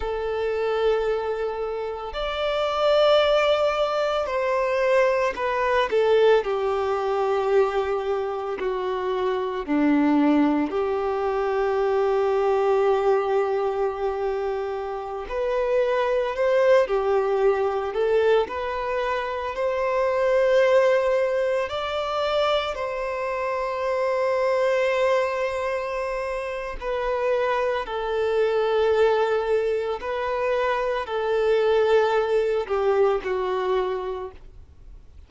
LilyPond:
\new Staff \with { instrumentName = "violin" } { \time 4/4 \tempo 4 = 56 a'2 d''2 | c''4 b'8 a'8 g'2 | fis'4 d'4 g'2~ | g'2~ g'16 b'4 c''8 g'16~ |
g'8. a'8 b'4 c''4.~ c''16~ | c''16 d''4 c''2~ c''8.~ | c''4 b'4 a'2 | b'4 a'4. g'8 fis'4 | }